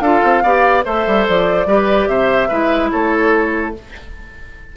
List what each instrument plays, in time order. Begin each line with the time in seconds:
0.00 bassoon D4, clarinet F4, oboe A4, flute F5
0.23 bassoon C4
0.43 bassoon B3, clarinet G4, oboe D5
0.84 bassoon A3, clarinet A4, oboe C5, flute E5
1.07 bassoon G3
1.28 bassoon F3, flute D5
1.66 bassoon G3, clarinet G4, oboe B4
2.07 bassoon C3, oboe C5, flute E5
2.48 bassoon G#3, clarinet E4, oboe B4
2.91 bassoon A3, oboe A4, flute C#5